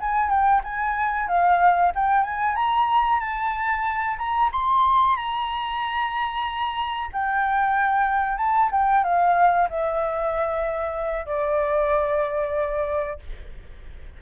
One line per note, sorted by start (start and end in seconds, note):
0.00 0.29 G#5
0.29 0.61 G5
0.64 1.28 G#5
1.28 1.92 F5
1.95 2.23 G5
2.23 2.55 G#5
2.55 3.19 A#5
3.19 4.16 A5
4.18 4.50 A#5
4.52 5.16 C6
5.16 7.10 A#5
7.12 8.37 G5
8.37 8.69 A5
8.71 9.04 G5
9.04 9.68 F5
9.69 11.26 E5
11.26 13.19 D5